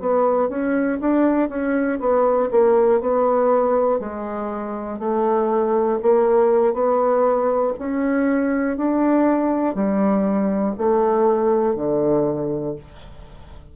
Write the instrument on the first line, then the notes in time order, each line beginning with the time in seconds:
bassoon
0.00 B3
0.49 C#4
1.00 D4
1.49 C#4
2.00 B3
2.51 A#3
3.00 B3
4.00 G#3
4.99 A3
6.02 A#3
6.74 B3
7.79 C#4
8.77 D4
9.75 G3
10.78 A3
11.75 D3